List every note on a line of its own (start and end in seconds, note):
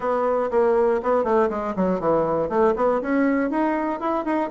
0.00 0.50 B3
0.50 1.00 A#3
1.02 1.24 B3
1.24 1.49 A3
1.49 1.74 G#3
1.76 2.00 F#3
2.00 2.49 E3
2.49 2.74 A3
2.76 3.01 B3
3.01 3.50 C#4
3.50 4.00 D#4
4.00 4.25 E4
4.25 4.50 D#4